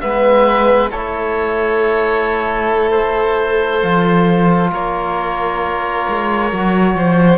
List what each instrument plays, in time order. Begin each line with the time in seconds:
0.00 cello G#3, trombone B3, violin B4, oboe E5
0.90 cello A3, trombone E4, violin A4, oboe C#5
2.90 oboe C5
3.82 cello F3, trombone F4
4.71 cello A#3, violin A#4, oboe C#5
6.08 cello G#3
6.51 cello F#3, trombone F#4
6.94 cello F3, violin C5